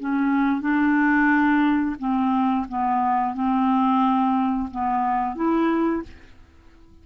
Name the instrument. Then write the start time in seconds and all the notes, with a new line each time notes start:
clarinet
0.00 C#4
0.61 D4
1.99 C4
2.69 B3
3.35 C4
4.71 B3
5.36 E4